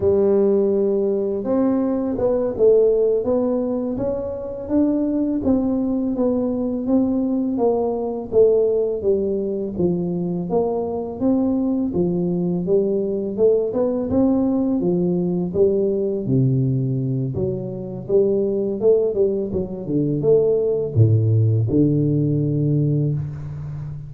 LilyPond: \new Staff \with { instrumentName = "tuba" } { \time 4/4 \tempo 4 = 83 g2 c'4 b8 a8~ | a8 b4 cis'4 d'4 c'8~ | c'8 b4 c'4 ais4 a8~ | a8 g4 f4 ais4 c'8~ |
c'8 f4 g4 a8 b8 c'8~ | c'8 f4 g4 c4. | fis4 g4 a8 g8 fis8 d8 | a4 a,4 d2 | }